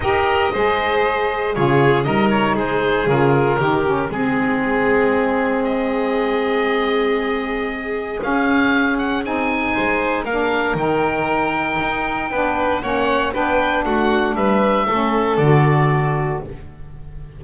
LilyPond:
<<
  \new Staff \with { instrumentName = "oboe" } { \time 4/4 \tempo 4 = 117 dis''2. cis''4 | dis''8 cis''8 c''4 ais'2 | gis'2. dis''4~ | dis''1 |
f''4. fis''8 gis''2 | f''4 g''2.~ | g''4 fis''4 g''4 fis''4 | e''2 d''2 | }
  \new Staff \with { instrumentName = "violin" } { \time 4/4 ais'4 c''2 gis'4 | ais'4 gis'2 g'4 | gis'1~ | gis'1~ |
gis'2. c''4 | ais'1 | b'4 cis''4 b'4 fis'4 | b'4 a'2. | }
  \new Staff \with { instrumentName = "saxophone" } { \time 4/4 g'4 gis'2 f'4 | dis'2 f'4 dis'8 cis'8 | c'1~ | c'1 |
cis'2 dis'2 | d'4 dis'2. | d'4 cis'4 d'2~ | d'4 cis'4 fis'2 | }
  \new Staff \with { instrumentName = "double bass" } { \time 4/4 dis'4 gis2 cis4 | g4 gis4 cis4 dis4 | gis1~ | gis1 |
cis'2 c'4 gis4 | ais4 dis2 dis'4 | b4 ais4 b4 a4 | g4 a4 d2 | }
>>